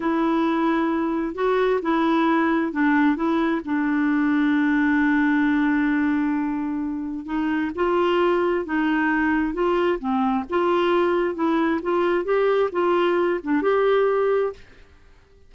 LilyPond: \new Staff \with { instrumentName = "clarinet" } { \time 4/4 \tempo 4 = 132 e'2. fis'4 | e'2 d'4 e'4 | d'1~ | d'1 |
dis'4 f'2 dis'4~ | dis'4 f'4 c'4 f'4~ | f'4 e'4 f'4 g'4 | f'4. d'8 g'2 | }